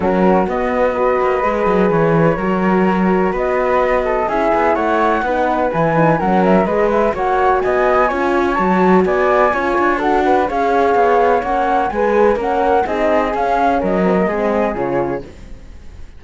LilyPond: <<
  \new Staff \with { instrumentName = "flute" } { \time 4/4 \tempo 4 = 126 ais'4 dis''2. | cis''2. dis''4~ | dis''4 e''4 fis''2 | gis''4 fis''8 e''8 dis''8 e''8 fis''4 |
gis''2 a''4 gis''4~ | gis''4 fis''4 f''2 | fis''4 gis''4 fis''4 dis''4 | f''4 dis''2 cis''4 | }
  \new Staff \with { instrumentName = "flute" } { \time 4/4 fis'2 b'2~ | b'4 ais'2 b'4~ | b'8 a'8 gis'4 cis''4 b'4~ | b'4 ais'4 b'4 cis''4 |
dis''4 cis''2 d''4 | cis''4 a'8 b'8 cis''2~ | cis''4 b'4 ais'4 gis'4~ | gis'4 ais'4 gis'2 | }
  \new Staff \with { instrumentName = "horn" } { \time 4/4 cis'4 b4 fis'4 gis'4~ | gis'4 fis'2.~ | fis'4 e'2 dis'4 | e'8 dis'8 cis'4 gis'4 fis'4~ |
fis'4 f'4 fis'2 | f'4 fis'4 gis'2 | cis'4 gis'4 cis'4 dis'4 | cis'4. c'16 ais16 c'4 f'4 | }
  \new Staff \with { instrumentName = "cello" } { \time 4/4 fis4 b4. ais8 gis8 fis8 | e4 fis2 b4~ | b4 cis'8 b8 a4 b4 | e4 fis4 gis4 ais4 |
b4 cis'4 fis4 b4 | cis'8 d'4. cis'4 b4 | ais4 gis4 ais4 c'4 | cis'4 fis4 gis4 cis4 | }
>>